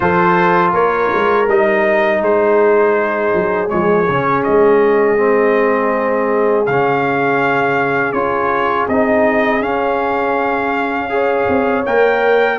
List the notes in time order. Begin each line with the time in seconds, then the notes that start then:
0.00 F3 F4 A4 C5
0.72 A#3 A#4 C#5
1.14 G#3
1.48 G3 D#4 D#5
2.21 G#3 G#4 C5
3.34 F#3
3.68 F3 G#3 C#5
4.08 C#3 C#4
4.43 G#3 D#5
5.17 C4
6.66 C#3 C#4 F5
8.12 C#4 F4 C#5
8.88 C4 D#4 D#5
9.60 C#4 F5
11.09 G#4 C#5
11.48 C4
11.85 A#3 A#4 G5